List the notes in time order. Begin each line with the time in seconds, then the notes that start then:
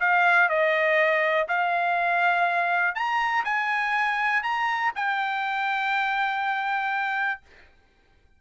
0.00 F5
0.49 D#5
1.48 F5
2.95 A#5
3.45 G#5
4.43 A#5
4.96 G5